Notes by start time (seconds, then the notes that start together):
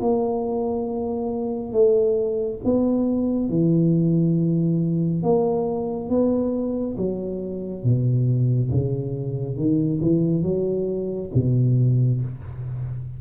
0.00 A#3
1.72 A3
2.64 B3
3.49 E3
5.23 A#3
6.09 B3
6.97 F#3
7.83 B2
8.71 C#3
9.56 D#3
10.01 E3
10.43 F#3
11.34 B2